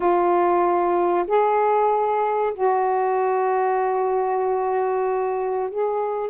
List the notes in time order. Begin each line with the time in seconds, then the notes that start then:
0.00 F4
1.27 G#4
2.54 F#4
5.70 G#4